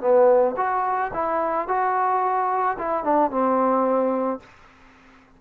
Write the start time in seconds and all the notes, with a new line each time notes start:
0.00 B3
0.57 F#4
1.13 E4
1.68 F#4
2.78 E4
3.04 D4
3.30 C4